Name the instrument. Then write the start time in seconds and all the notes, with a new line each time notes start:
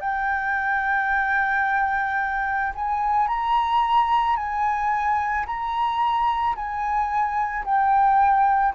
flute
0.00 G5
2.75 G#5
3.28 A#5
4.36 G#5
5.46 A#5
6.56 G#5
7.65 G5